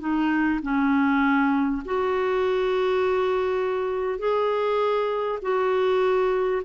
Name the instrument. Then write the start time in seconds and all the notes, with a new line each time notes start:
clarinet
0.00 D#4
0.63 C#4
1.85 F#4
4.19 G#4
5.43 F#4